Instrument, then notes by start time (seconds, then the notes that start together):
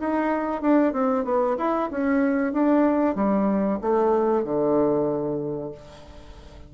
bassoon
0.00 D#4
0.62 D4
0.93 C4
1.25 B3
1.58 E4
1.91 C#4
2.53 D4
3.16 G3
3.82 A3
4.44 D3